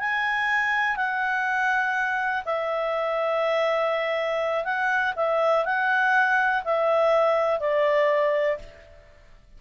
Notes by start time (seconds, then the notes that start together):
0.00 G#5
0.97 F#5
2.45 E5
4.65 F#5
5.16 E5
5.65 F#5
6.65 E5
7.60 D5